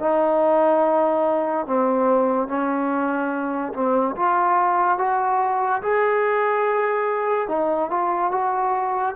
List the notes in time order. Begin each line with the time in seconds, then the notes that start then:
0.00 D#4
1.67 C4
2.48 C#4
3.74 C4
4.16 F4
4.98 F#4
5.82 G#4
7.48 D#4
7.90 F4
8.32 F#4